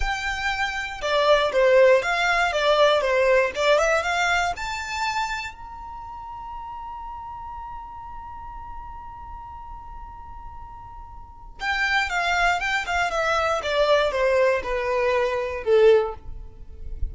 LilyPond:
\new Staff \with { instrumentName = "violin" } { \time 4/4 \tempo 4 = 119 g''2 d''4 c''4 | f''4 d''4 c''4 d''8 e''8 | f''4 a''2 ais''4~ | ais''1~ |
ais''1~ | ais''2. g''4 | f''4 g''8 f''8 e''4 d''4 | c''4 b'2 a'4 | }